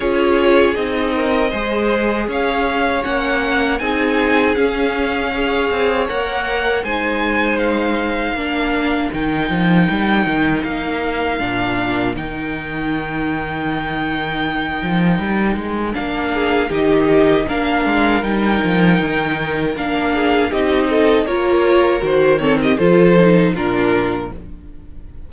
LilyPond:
<<
  \new Staff \with { instrumentName = "violin" } { \time 4/4 \tempo 4 = 79 cis''4 dis''2 f''4 | fis''4 gis''4 f''2 | fis''4 gis''4 f''2 | g''2 f''2 |
g''1~ | g''4 f''4 dis''4 f''4 | g''2 f''4 dis''4 | cis''4 c''8 cis''16 dis''16 c''4 ais'4 | }
  \new Staff \with { instrumentName = "violin" } { \time 4/4 gis'4. ais'8 c''4 cis''4~ | cis''4 gis'2 cis''4~ | cis''4 c''2 ais'4~ | ais'1~ |
ais'1~ | ais'4. gis'8 g'4 ais'4~ | ais'2~ ais'8 gis'8 g'8 a'8 | ais'4. a'16 g'16 a'4 f'4 | }
  \new Staff \with { instrumentName = "viola" } { \time 4/4 f'4 dis'4 gis'2 | cis'4 dis'4 cis'4 gis'4 | ais'4 dis'2 d'4 | dis'2. d'4 |
dis'1~ | dis'4 d'4 dis'4 d'4 | dis'2 d'4 dis'4 | f'4 fis'8 c'8 f'8 dis'8 d'4 | }
  \new Staff \with { instrumentName = "cello" } { \time 4/4 cis'4 c'4 gis4 cis'4 | ais4 c'4 cis'4. c'8 | ais4 gis2 ais4 | dis8 f8 g8 dis8 ais4 ais,4 |
dis2.~ dis8 f8 | g8 gis8 ais4 dis4 ais8 gis8 | g8 f8 dis4 ais4 c'4 | ais4 dis4 f4 ais,4 | }
>>